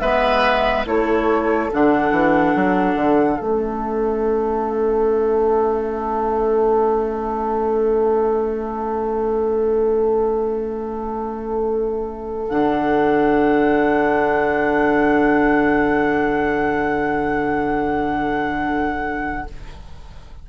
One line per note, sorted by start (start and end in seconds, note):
0.00 0.86 G#3
0.00 0.86 B3
0.00 0.86 B4
0.00 0.85 E5
0.86 1.71 A3
0.86 1.70 E4
0.86 19.49 A4
0.86 1.72 C#5
1.73 2.12 D3
1.73 3.40 D4
1.73 3.41 F#5
2.12 2.54 E3
2.56 2.96 F#3
2.96 3.38 D3
3.40 12.49 A3
3.40 12.48 C#4
3.40 12.49 E5
12.49 19.48 D3
12.49 19.48 D4
12.49 19.47 F#5